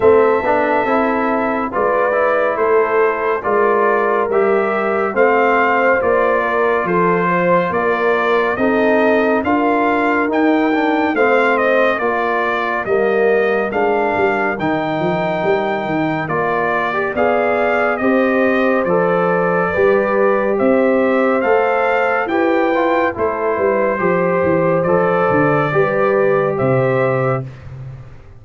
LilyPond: <<
  \new Staff \with { instrumentName = "trumpet" } { \time 4/4 \tempo 4 = 70 e''2 d''4 c''4 | d''4 e''4 f''4 d''4 | c''4 d''4 dis''4 f''4 | g''4 f''8 dis''8 d''4 dis''4 |
f''4 g''2 d''4 | f''4 dis''4 d''2 | e''4 f''4 g''4 c''4~ | c''4 d''2 e''4 | }
  \new Staff \with { instrumentName = "horn" } { \time 4/4 a'2 b'4 a'4 | ais'2 c''4. ais'8 | a'8 c''8 ais'4 a'4 ais'4~ | ais'4 c''4 ais'2~ |
ais'1 | d''4 c''2 b'4 | c''2 b'4 a'8 b'8 | c''2 b'4 c''4 | }
  \new Staff \with { instrumentName = "trombone" } { \time 4/4 c'8 d'8 e'4 f'8 e'4. | f'4 g'4 c'4 f'4~ | f'2 dis'4 f'4 | dis'8 d'8 c'4 f'4 ais4 |
d'4 dis'2 f'8. g'16 | gis'4 g'4 a'4 g'4~ | g'4 a'4 g'8 f'8 e'4 | g'4 a'4 g'2 | }
  \new Staff \with { instrumentName = "tuba" } { \time 4/4 a8 b8 c'4 gis4 a4 | gis4 g4 a4 ais4 | f4 ais4 c'4 d'4 | dis'4 a4 ais4 g4 |
gis8 g8 dis8 f8 g8 dis8 ais4 | b4 c'4 f4 g4 | c'4 a4 e'4 a8 g8 | f8 e8 f8 d8 g4 c4 | }
>>